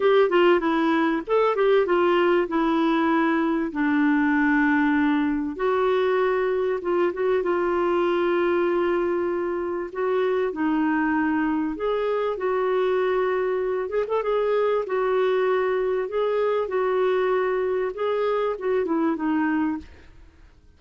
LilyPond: \new Staff \with { instrumentName = "clarinet" } { \time 4/4 \tempo 4 = 97 g'8 f'8 e'4 a'8 g'8 f'4 | e'2 d'2~ | d'4 fis'2 f'8 fis'8 | f'1 |
fis'4 dis'2 gis'4 | fis'2~ fis'8 gis'16 a'16 gis'4 | fis'2 gis'4 fis'4~ | fis'4 gis'4 fis'8 e'8 dis'4 | }